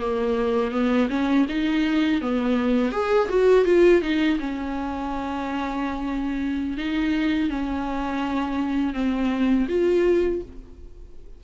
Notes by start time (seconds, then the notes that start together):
0.00 A#3
0.72 B3
1.10 C#4
1.49 D#4
2.22 B3
2.92 G#4
3.29 F#4
3.65 F4
4.02 D#4
4.40 C#4
6.77 D#4
7.50 C#4
8.94 C4
9.69 F4